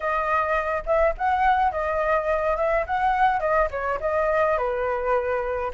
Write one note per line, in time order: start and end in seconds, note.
0.00 0.83 D#5
0.85 1.14 E5
1.17 1.71 F#5
1.71 2.57 D#5
2.57 2.85 E5
2.86 3.39 F#5
3.39 3.68 D#5
3.70 3.99 C#5
4.00 4.57 D#5
4.57 5.71 B4